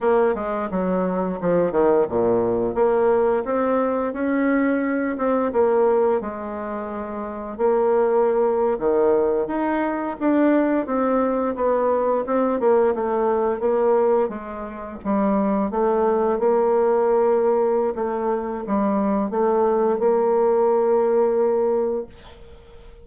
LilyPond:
\new Staff \with { instrumentName = "bassoon" } { \time 4/4 \tempo 4 = 87 ais8 gis8 fis4 f8 dis8 ais,4 | ais4 c'4 cis'4. c'8 | ais4 gis2 ais4~ | ais8. dis4 dis'4 d'4 c'16~ |
c'8. b4 c'8 ais8 a4 ais16~ | ais8. gis4 g4 a4 ais16~ | ais2 a4 g4 | a4 ais2. | }